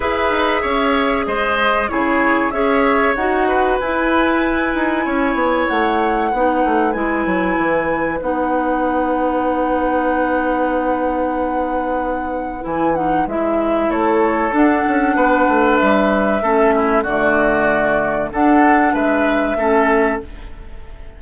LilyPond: <<
  \new Staff \with { instrumentName = "flute" } { \time 4/4 \tempo 4 = 95 e''2 dis''4 cis''4 | e''4 fis''4 gis''2~ | gis''4 fis''2 gis''4~ | gis''4 fis''2.~ |
fis''1 | gis''8 fis''8 e''4 cis''4 fis''4~ | fis''4 e''2 d''4~ | d''4 fis''4 e''2 | }
  \new Staff \with { instrumentName = "oboe" } { \time 4/4 b'4 cis''4 c''4 gis'4 | cis''4. b'2~ b'8 | cis''2 b'2~ | b'1~ |
b'1~ | b'2 a'2 | b'2 a'8 e'8 fis'4~ | fis'4 a'4 b'4 a'4 | }
  \new Staff \with { instrumentName = "clarinet" } { \time 4/4 gis'2. e'4 | gis'4 fis'4 e'2~ | e'2 dis'4 e'4~ | e'4 dis'2.~ |
dis'1 | e'8 dis'8 e'2 d'4~ | d'2 cis'4 a4~ | a4 d'2 cis'4 | }
  \new Staff \with { instrumentName = "bassoon" } { \time 4/4 e'8 dis'8 cis'4 gis4 cis4 | cis'4 dis'4 e'4. dis'8 | cis'8 b8 a4 b8 a8 gis8 fis8 | e4 b2.~ |
b1 | e4 gis4 a4 d'8 cis'8 | b8 a8 g4 a4 d4~ | d4 d'4 gis4 a4 | }
>>